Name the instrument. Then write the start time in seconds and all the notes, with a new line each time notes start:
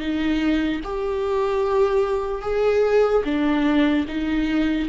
viola
0.00 D#4
0.84 G4
2.42 G#4
3.25 D4
4.08 D#4